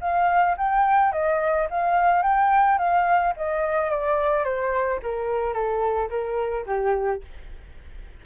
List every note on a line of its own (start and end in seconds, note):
0.00 0.56 F5
0.57 1.12 G5
1.12 1.67 D#5
1.70 2.22 F5
2.22 2.78 G5
2.78 3.33 F5
3.36 3.90 D#5
3.90 4.44 D5
4.44 4.99 C5
5.02 5.53 A#4
5.53 6.09 A4
6.09 6.65 A#4
6.66 7.21 G4